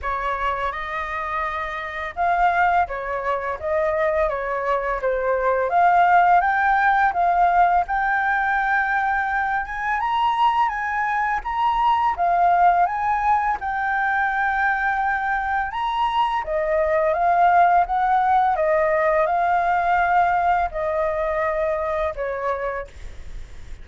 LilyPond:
\new Staff \with { instrumentName = "flute" } { \time 4/4 \tempo 4 = 84 cis''4 dis''2 f''4 | cis''4 dis''4 cis''4 c''4 | f''4 g''4 f''4 g''4~ | g''4. gis''8 ais''4 gis''4 |
ais''4 f''4 gis''4 g''4~ | g''2 ais''4 dis''4 | f''4 fis''4 dis''4 f''4~ | f''4 dis''2 cis''4 | }